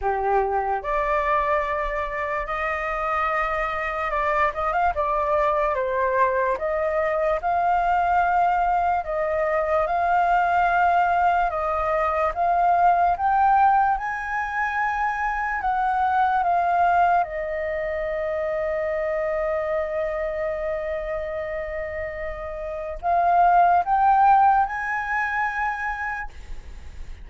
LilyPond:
\new Staff \with { instrumentName = "flute" } { \time 4/4 \tempo 4 = 73 g'4 d''2 dis''4~ | dis''4 d''8 dis''16 f''16 d''4 c''4 | dis''4 f''2 dis''4 | f''2 dis''4 f''4 |
g''4 gis''2 fis''4 | f''4 dis''2.~ | dis''1 | f''4 g''4 gis''2 | }